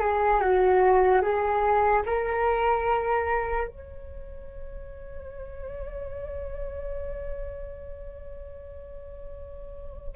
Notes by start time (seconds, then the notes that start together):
0.00 G#4
0.41 F#4
1.22 G#4
2.06 A#4
3.68 C#5